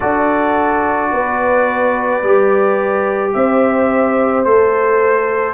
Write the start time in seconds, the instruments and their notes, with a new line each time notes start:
0.00 tuba D4, trombone F#4, horn A4, trumpet D5
1.11 tuba B3, horn B4
2.22 tuba G3, trombone G4
3.33 tuba C4, horn C5, trumpet E5
4.44 tuba A3, trombone A4, trumpet C5